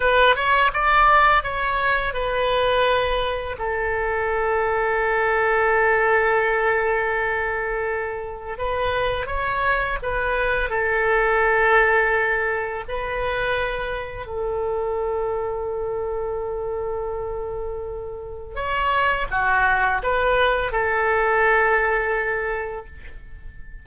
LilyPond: \new Staff \with { instrumentName = "oboe" } { \time 4/4 \tempo 4 = 84 b'8 cis''8 d''4 cis''4 b'4~ | b'4 a'2.~ | a'1 | b'4 cis''4 b'4 a'4~ |
a'2 b'2 | a'1~ | a'2 cis''4 fis'4 | b'4 a'2. | }